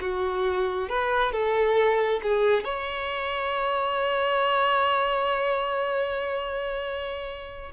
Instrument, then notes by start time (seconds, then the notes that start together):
violin
0.00 F#4
0.88 B4
1.32 A4
2.22 G#4
2.64 C#5